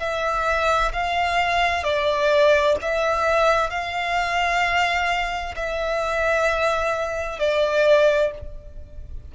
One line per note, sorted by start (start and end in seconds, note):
0.00 0.92 E5
0.93 1.84 F5
1.84 2.76 D5
2.82 3.70 E5
3.70 5.55 F5
5.56 7.40 E5
7.40 8.32 D5